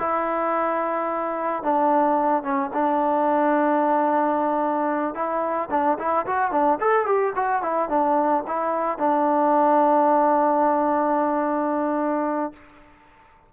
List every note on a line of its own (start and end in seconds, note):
0.00 1.63 E4
1.63 2.43 D4
2.43 2.71 C#4
2.74 5.15 D4
5.15 5.70 E4
5.71 5.98 D4
5.99 6.26 E4
6.27 6.52 F#4
6.52 6.79 D4
6.81 7.06 A4
7.06 7.34 G4
7.36 7.63 F#4
7.63 7.90 E4
7.90 8.44 D4
8.47 8.99 E4
8.99 12.53 D4